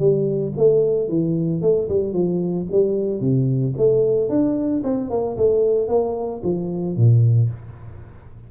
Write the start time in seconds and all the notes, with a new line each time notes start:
0.00 G3
0.57 A3
1.09 E3
1.62 A3
1.89 G3
2.13 F3
2.72 G3
3.21 C3
3.78 A3
4.30 D4
4.84 C4
5.10 A#3
5.38 A3
5.89 A#3
6.44 F3
6.97 A#2